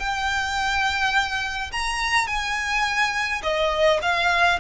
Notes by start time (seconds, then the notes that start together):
0.00 G5
1.72 A#5
2.28 G#5
3.43 D#5
4.02 F5